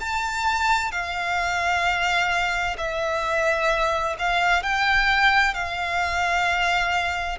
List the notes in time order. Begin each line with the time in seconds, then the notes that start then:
0.00 A5
0.91 F5
2.78 E5
4.19 F5
4.63 G5
5.54 F5